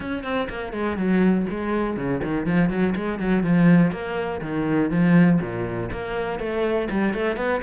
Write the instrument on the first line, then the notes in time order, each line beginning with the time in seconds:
cello
0.00 C#4
0.23 C4
0.49 A#3
0.72 G#3
0.96 F#3
1.50 G#3
1.96 C#3
2.23 D#3
2.45 F3
2.69 F#3
2.95 G#3
3.19 F#3
3.43 F3
3.91 A#3
4.41 D#3
4.90 F3
5.41 A#2
5.92 A#3
6.39 A3
6.90 G3
7.14 A3
7.36 B3